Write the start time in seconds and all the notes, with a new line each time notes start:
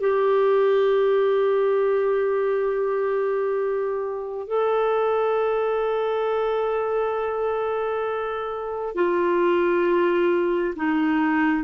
0.00 G4
4.47 A4
8.95 F4
10.76 D#4